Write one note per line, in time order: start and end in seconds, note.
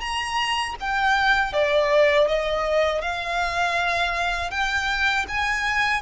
0.00 0.75 A#5
0.80 1.53 G5
1.53 2.28 D5
2.28 3.01 D#5
3.01 4.51 F5
4.51 5.26 G5
5.28 6.02 G#5